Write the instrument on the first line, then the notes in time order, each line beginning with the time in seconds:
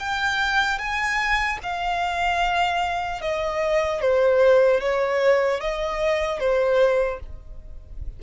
violin
0.00 G5
0.79 G#5
1.63 F5
3.21 D#5
4.02 C5
4.81 C#5
5.61 D#5
6.40 C5